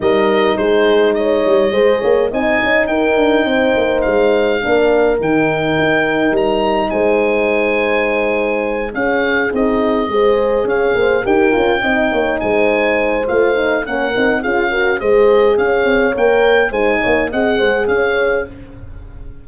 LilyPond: <<
  \new Staff \with { instrumentName = "oboe" } { \time 4/4 \tempo 4 = 104 dis''4 c''4 dis''2 | gis''4 g''2 f''4~ | f''4 g''2 ais''4 | gis''2.~ gis''8 f''8~ |
f''8 dis''2 f''4 g''8~ | g''4. gis''4. f''4 | fis''4 f''4 dis''4 f''4 | g''4 gis''4 fis''4 f''4 | }
  \new Staff \with { instrumentName = "horn" } { \time 4/4 ais'4 gis'4 cis''4 c''8 cis''8 | dis''4 ais'4 c''2 | ais'1 | c''2.~ c''8 gis'8~ |
gis'4. c''4 cis''8 c''8 ais'8~ | ais'8 dis''8 cis''8 c''2~ c''8 | ais'4 gis'8 ais'8 c''4 cis''4~ | cis''4 c''8 cis''8 dis''8 c''8 cis''4 | }
  \new Staff \with { instrumentName = "horn" } { \time 4/4 dis'2. gis'4 | dis'1 | d'4 dis'2.~ | dis'2.~ dis'8 cis'8~ |
cis'8 dis'4 gis'2 g'8 | f'8 dis'2~ dis'8 f'8 dis'8 | cis'8 dis'8 f'8 fis'8 gis'2 | ais'4 dis'4 gis'2 | }
  \new Staff \with { instrumentName = "tuba" } { \time 4/4 g4 gis4. g8 gis8 ais8 | c'8 cis'8 dis'8 d'8 c'8 ais8 gis4 | ais4 dis4 dis'4 g4 | gis2.~ gis8 cis'8~ |
cis'8 c'4 gis4 cis'8 ais8 dis'8 | cis'8 c'8 ais8 gis4. a4 | ais8 c'8 cis'4 gis4 cis'8 c'8 | ais4 gis8 ais8 c'8 gis8 cis'4 | }
>>